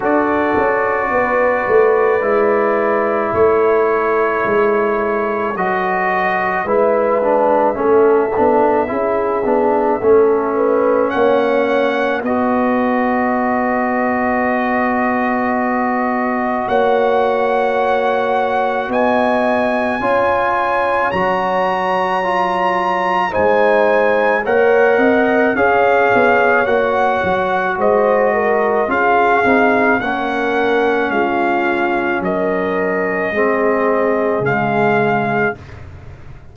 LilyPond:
<<
  \new Staff \with { instrumentName = "trumpet" } { \time 4/4 \tempo 4 = 54 d''2. cis''4~ | cis''4 dis''4 e''2~ | e''2 fis''4 dis''4~ | dis''2. fis''4~ |
fis''4 gis''2 ais''4~ | ais''4 gis''4 fis''4 f''4 | fis''4 dis''4 f''4 fis''4 | f''4 dis''2 f''4 | }
  \new Staff \with { instrumentName = "horn" } { \time 4/4 a'4 b'2 a'4~ | a'2 b'4 a'4 | gis'4 a'8 b'8 cis''4 b'4~ | b'2. cis''4~ |
cis''4 dis''4 cis''2~ | cis''4 c''4 cis''8 dis''8 cis''4~ | cis''4 c''8 ais'8 gis'4 ais'4 | f'4 ais'4 gis'2 | }
  \new Staff \with { instrumentName = "trombone" } { \time 4/4 fis'2 e'2~ | e'4 fis'4 e'8 d'8 cis'8 d'8 | e'8 d'8 cis'2 fis'4~ | fis'1~ |
fis'2 f'4 fis'4 | f'4 dis'4 ais'4 gis'4 | fis'2 f'8 dis'8 cis'4~ | cis'2 c'4 gis4 | }
  \new Staff \with { instrumentName = "tuba" } { \time 4/4 d'8 cis'8 b8 a8 gis4 a4 | gis4 fis4 gis4 a8 b8 | cis'8 b8 a4 ais4 b4~ | b2. ais4~ |
ais4 b4 cis'4 fis4~ | fis4 gis4 ais8 c'8 cis'8 b8 | ais8 fis8 gis4 cis'8 c'8 ais4 | gis4 fis4 gis4 cis4 | }
>>